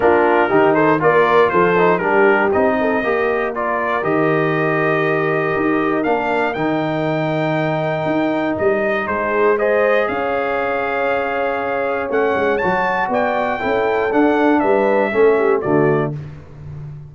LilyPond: <<
  \new Staff \with { instrumentName = "trumpet" } { \time 4/4 \tempo 4 = 119 ais'4. c''8 d''4 c''4 | ais'4 dis''2 d''4 | dis''1 | f''4 g''2.~ |
g''4 dis''4 c''4 dis''4 | f''1 | fis''4 a''4 g''2 | fis''4 e''2 d''4 | }
  \new Staff \with { instrumentName = "horn" } { \time 4/4 f'4 g'8 a'8 ais'4 a'4 | g'4. a'8 ais'2~ | ais'1~ | ais'1~ |
ais'2 gis'4 c''4 | cis''1~ | cis''2 d''4 a'4~ | a'4 b'4 a'8 g'8 fis'4 | }
  \new Staff \with { instrumentName = "trombone" } { \time 4/4 d'4 dis'4 f'4. dis'8 | d'4 dis'4 g'4 f'4 | g'1 | d'4 dis'2.~ |
dis'2. gis'4~ | gis'1 | cis'4 fis'2 e'4 | d'2 cis'4 a4 | }
  \new Staff \with { instrumentName = "tuba" } { \time 4/4 ais4 dis4 ais4 f4 | g4 c'4 ais2 | dis2. dis'4 | ais4 dis2. |
dis'4 g4 gis2 | cis'1 | a8 gis8 fis4 b4 cis'4 | d'4 g4 a4 d4 | }
>>